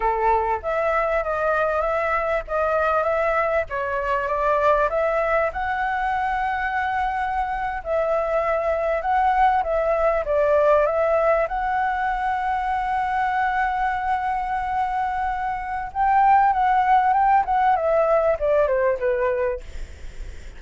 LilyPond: \new Staff \with { instrumentName = "flute" } { \time 4/4 \tempo 4 = 98 a'4 e''4 dis''4 e''4 | dis''4 e''4 cis''4 d''4 | e''4 fis''2.~ | fis''8. e''2 fis''4 e''16~ |
e''8. d''4 e''4 fis''4~ fis''16~ | fis''1~ | fis''2 g''4 fis''4 | g''8 fis''8 e''4 d''8 c''8 b'4 | }